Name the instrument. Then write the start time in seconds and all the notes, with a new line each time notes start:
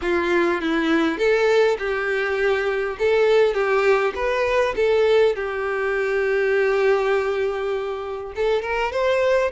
violin
0.01 F4
0.61 E4
1.17 A4
1.78 G4
2.98 A4
3.54 G4
4.15 B4
4.76 A4
5.35 G4
8.35 A4
8.62 A#4
8.91 C5